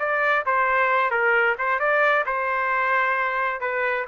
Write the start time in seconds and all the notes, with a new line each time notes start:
0.00 D5
0.46 C5
1.11 A#4
1.58 C5
1.80 D5
2.26 C5
3.61 B4